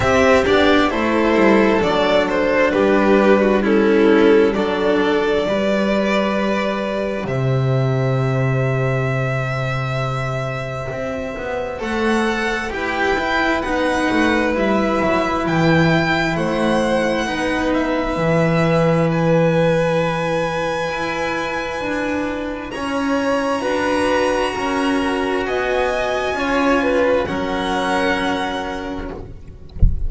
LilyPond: <<
  \new Staff \with { instrumentName = "violin" } { \time 4/4 \tempo 4 = 66 e''8 d''8 c''4 d''8 c''8 b'4 | a'4 d''2. | e''1~ | e''4 fis''4 g''4 fis''4 |
e''4 g''4 fis''4. e''8~ | e''4 gis''2.~ | gis''4 ais''2. | gis''2 fis''2 | }
  \new Staff \with { instrumentName = "violin" } { \time 4/4 g'4 a'2 g'8. fis'16 | e'4 a'4 b'2 | c''1~ | c''2 b'2~ |
b'2 c''4 b'4~ | b'1~ | b'4 cis''4 b'4 ais'4 | dis''4 cis''8 b'8 ais'2 | }
  \new Staff \with { instrumentName = "cello" } { \time 4/4 c'8 d'8 e'4 d'2 | cis'4 d'4 g'2~ | g'1~ | g'4 a'4 g'8 e'8 dis'4 |
e'2. dis'4 | e'1~ | e'2 fis'2~ | fis'4 f'4 cis'2 | }
  \new Staff \with { instrumentName = "double bass" } { \time 4/4 c'8 b8 a8 g8 fis4 g4~ | g4 fis4 g2 | c1 | c'8 b8 a4 e'4 b8 a8 |
g8 fis8 e4 a4 b4 | e2. e'4 | d'4 cis'4 d'4 cis'4 | b4 cis'4 fis2 | }
>>